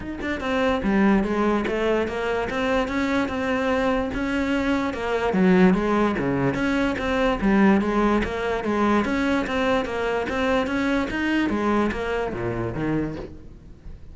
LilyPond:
\new Staff \with { instrumentName = "cello" } { \time 4/4 \tempo 4 = 146 dis'8 d'8 c'4 g4 gis4 | a4 ais4 c'4 cis'4 | c'2 cis'2 | ais4 fis4 gis4 cis4 |
cis'4 c'4 g4 gis4 | ais4 gis4 cis'4 c'4 | ais4 c'4 cis'4 dis'4 | gis4 ais4 ais,4 dis4 | }